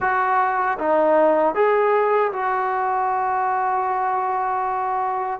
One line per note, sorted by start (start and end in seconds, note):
0.00 0.77 F#4
0.78 1.54 D#4
1.54 2.31 G#4
2.32 5.40 F#4